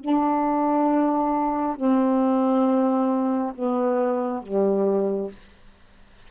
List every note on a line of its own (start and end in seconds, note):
0.00 1.76 D4
1.76 3.53 C4
3.55 4.42 B3
4.42 5.31 G3